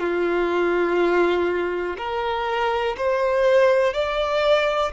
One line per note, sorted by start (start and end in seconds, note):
0.00 1.97 F4
1.98 2.96 A#4
2.97 3.94 C5
3.94 4.92 D5